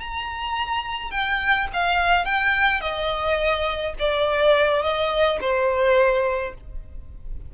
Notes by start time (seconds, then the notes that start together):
0.00 A#5
1.11 G5
1.73 F5
2.25 G5
2.81 D#5
3.99 D5
4.82 D#5
5.41 C5